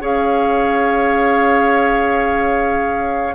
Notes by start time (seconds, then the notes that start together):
0.00 C#4 G#4 C#5 F5